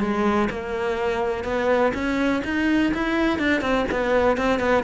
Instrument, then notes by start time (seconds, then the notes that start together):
cello
0.00 G#3
0.50 A#3
1.44 B3
1.94 C#4
2.44 D#4
2.94 E4
3.39 D4
3.61 C4
3.91 B3
4.37 C4
4.59 B3